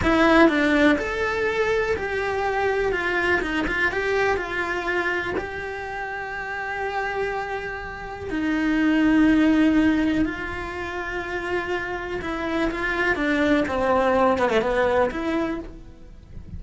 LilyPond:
\new Staff \with { instrumentName = "cello" } { \time 4/4 \tempo 4 = 123 e'4 d'4 a'2 | g'2 f'4 dis'8 f'8 | g'4 f'2 g'4~ | g'1~ |
g'4 dis'2.~ | dis'4 f'2.~ | f'4 e'4 f'4 d'4 | c'4. b16 a16 b4 e'4 | }